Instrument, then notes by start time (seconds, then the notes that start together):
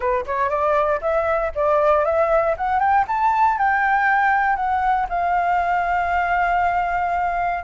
flute
0.00 B4
0.25 C#5
0.49 D5
1.01 E5
1.55 D5
2.04 E5
2.57 F#5
2.79 G5
3.07 A5
3.57 G5
4.56 F#5
5.09 F5